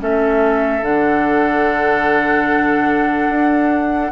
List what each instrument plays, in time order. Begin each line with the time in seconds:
0.00 bassoon A3, clarinet C#4, oboe A4, flute E5
0.82 bassoon D3, clarinet D4, flute F#5
3.29 bassoon D4